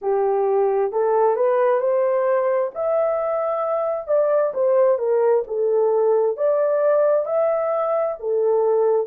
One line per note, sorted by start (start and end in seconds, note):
0.01 0.92 G4
0.92 1.36 A4
1.36 1.80 B4
1.80 2.71 C5
2.74 4.07 E5
4.07 4.52 D5
4.54 4.98 C5
4.98 5.43 A#4
5.47 6.36 A4
6.36 7.25 D5
7.25 8.16 E5
8.19 9.06 A4